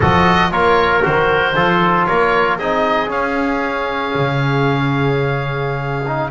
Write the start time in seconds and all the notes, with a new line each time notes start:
0.00 F3 F#4 A4 D#5
0.51 A#3 F4 A#4 C#5
1.02 D#3 F#4 C5
1.55 F3 F4 A4
2.05 A#3 A#4 C#5
2.58 C4 D#4 G#4 D#5
3.07 C#4 F5
4.15 C#3
6.06 D#4